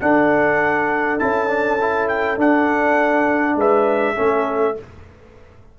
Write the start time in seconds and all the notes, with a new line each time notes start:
0.00 D4 A4 F#5
1.19 C#4 E4 A5
1.47 D4
1.80 E4
2.08 G5
2.37 D4 F#5
3.55 G#3 B4 E5
4.15 A3 C#4 A4